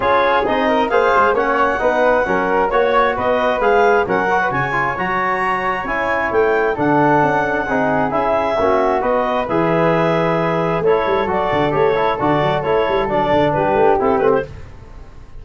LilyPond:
<<
  \new Staff \with { instrumentName = "clarinet" } { \time 4/4 \tempo 4 = 133 cis''4 dis''4 f''4 fis''4~ | fis''2 cis''4 dis''4 | f''4 fis''4 gis''4 ais''4~ | ais''4 gis''4 g''4 fis''4~ |
fis''2 e''2 | dis''4 e''2. | cis''4 d''4 cis''4 d''4 | cis''4 d''4 b'4 a'8 b'16 c''16 | }
  \new Staff \with { instrumentName = "flute" } { \time 4/4 gis'4. ais'8 c''4 cis''4 | b'4 ais'4 cis''4 b'4~ | b'4 ais'8. b'16 cis''2~ | cis''2. a'4~ |
a'4 gis'2 fis'4 | b'1 | a'1~ | a'2 g'2 | }
  \new Staff \with { instrumentName = "trombone" } { \time 4/4 f'4 dis'4 gis'4 cis'4 | dis'4 cis'4 fis'2 | gis'4 cis'8 fis'4 f'8 fis'4~ | fis'4 e'2 d'4~ |
d'4 dis'4 e'4 cis'4 | fis'4 gis'2. | e'4 fis'4 g'8 e'8 fis'4 | e'4 d'2 e'8 c'8 | }
  \new Staff \with { instrumentName = "tuba" } { \time 4/4 cis'4 c'4 ais8 gis8 ais4 | b4 fis4 ais4 b4 | gis4 fis4 cis4 fis4~ | fis4 cis'4 a4 d4 |
cis'4 c'4 cis'4 ais4 | b4 e2. | a8 g8 fis8 d8 a4 d8 fis8 | a8 g8 fis8 d8 g8 a8 c'8 a8 | }
>>